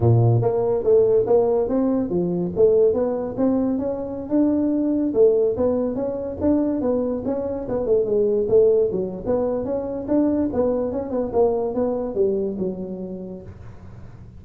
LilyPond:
\new Staff \with { instrumentName = "tuba" } { \time 4/4 \tempo 4 = 143 ais,4 ais4 a4 ais4 | c'4 f4 a4 b4 | c'4 cis'4~ cis'16 d'4.~ d'16~ | d'16 a4 b4 cis'4 d'8.~ |
d'16 b4 cis'4 b8 a8 gis8.~ | gis16 a4 fis8. b4 cis'4 | d'4 b4 cis'8 b8 ais4 | b4 g4 fis2 | }